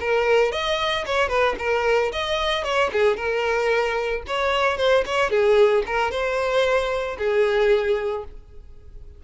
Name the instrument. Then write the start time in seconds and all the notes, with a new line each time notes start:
violin
0.00 A#4
0.52 D#5
1.06 C#5
1.29 B4
1.59 A#4
2.12 D#5
2.64 C#5
2.93 G#4
3.17 A#4
4.27 C#5
4.77 C5
5.06 C#5
5.30 G#4
5.86 A#4
6.11 C5
7.18 G#4